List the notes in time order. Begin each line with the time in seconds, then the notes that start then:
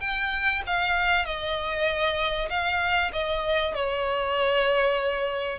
0.00 G5
0.66 F5
1.25 D#5
2.49 F5
3.12 D#5
3.74 C#5